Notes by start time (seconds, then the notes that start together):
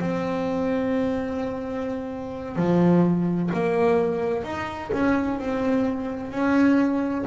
0.00 C4
2.57 F3
3.53 A#3
4.44 D#4
4.93 C#4
5.39 C4
6.31 C#4